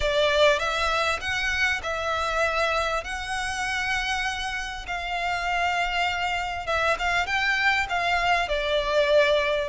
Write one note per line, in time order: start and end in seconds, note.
0.00 0.59 D5
0.59 1.19 E5
1.20 1.81 F#5
1.82 3.04 E5
3.04 4.86 F#5
4.87 6.66 F5
6.66 6.96 E5
6.98 7.26 F5
7.26 7.87 G5
7.89 8.48 F5
8.48 9.69 D5